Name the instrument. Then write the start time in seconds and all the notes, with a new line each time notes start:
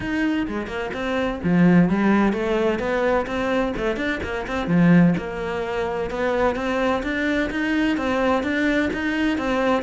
cello
0.00 D#4
0.47 G#3
0.67 A#3
0.93 C4
1.43 F3
1.89 G3
2.32 A3
2.79 B3
3.26 C4
3.76 A3
3.96 D4
4.23 A#3
4.47 C4
4.67 F3
5.17 A#3
6.10 B3
6.55 C4
7.03 D4
7.50 D#4
7.97 C4
8.43 D4
8.93 D#4
9.38 C4